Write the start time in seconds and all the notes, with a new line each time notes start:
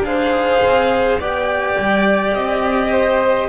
0.00 D4 G#4 F5
0.06 C5
0.65 C4
1.19 B3 G4 D5 G5
1.77 G3
2.33 C4 D#5
2.91 C5